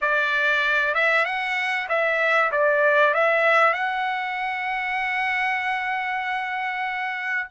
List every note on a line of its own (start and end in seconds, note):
0.01 0.94 D5
0.94 1.25 E5
1.25 1.87 F#5
1.88 2.51 E5
2.51 3.14 D5
3.14 3.73 E5
3.73 7.48 F#5